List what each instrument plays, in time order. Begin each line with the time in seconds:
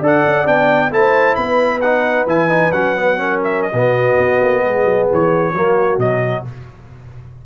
0.00 tuba D4, trombone A4, horn D5
0.06 trumpet F#5
0.26 tuba C#4
0.45 tuba B3, trombone D4, trumpet G5
0.91 tuba A3, trombone E4, horn C5, trumpet A5
1.35 tuba B3, horn B4, trumpet B5
1.81 trombone D#4, trumpet F#5
2.26 tuba E3, trombone E4, trumpet G#5
2.49 trombone D#4
2.71 tuba F#3, trombone C#4, trumpet F#5
2.96 trombone B3
3.16 trombone C#4, horn A#4
3.43 trumpet E5
3.62 trumpet D#5
3.72 tuba B2, trombone B3, horn F#4
4.18 tuba B3
4.42 tuba A#3
4.63 tuba G#3, horn G#4
4.84 tuba F#3
5.12 tuba E3, trumpet C#5
5.52 tuba F#3, trombone A#3, horn F#4
5.97 tuba B2, trombone F#3, trumpet D#5